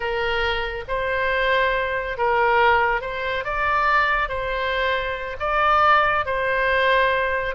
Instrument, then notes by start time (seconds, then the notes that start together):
oboe
0.00 A#4
0.88 C5
2.17 A#4
3.01 C5
3.44 D5
4.29 C5
5.39 D5
6.25 C5